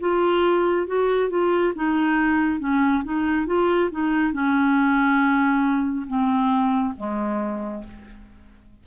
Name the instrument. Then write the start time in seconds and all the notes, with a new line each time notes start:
clarinet
0.00 F4
0.87 F#4
1.30 F4
1.75 D#4
2.60 C#4
3.04 D#4
3.46 F4
3.91 D#4
4.33 C#4
6.07 C4
6.97 G#3